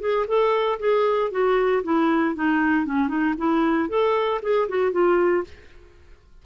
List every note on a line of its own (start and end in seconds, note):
0.00 0.26 G#4
0.27 0.79 A4
0.79 1.31 G#4
1.31 1.83 F#4
1.83 2.35 E4
2.35 2.86 D#4
2.86 3.08 C#4
3.08 3.34 D#4
3.38 3.89 E4
3.89 4.41 A4
4.42 4.68 G#4
4.69 4.92 F#4
4.92 5.44 F4